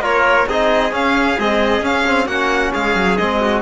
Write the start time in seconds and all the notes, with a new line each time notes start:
0.00 A#3 F4 A#4 C#5
0.48 C4 D#4 G#4 D#5
0.91 C#4 F5
1.39 G#3 C4 D#5
1.82 C#4 F5
2.08 C4
2.26 A#3 C#4 F#4 F#5
2.73 G#3 G#4 F5
2.96 F#3
3.18 G#3 C4 D#5
3.41 F#4